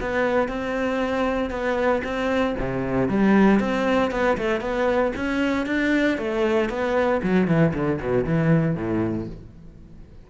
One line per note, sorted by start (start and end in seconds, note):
0.00 0.48 B3
0.48 1.50 C4
1.50 2.02 B3
2.04 2.55 C4
2.59 3.08 C3
3.08 3.59 G3
3.59 4.11 C4
4.11 4.37 B3
4.37 4.60 A3
4.60 5.12 B3
5.16 5.66 C#4
5.66 6.18 D4
6.18 6.69 A3
6.69 7.21 B3
7.23 7.47 F#3
7.47 7.73 E3
7.74 7.99 D3
8.01 8.24 B2
8.24 8.75 E3
8.75 9.27 A2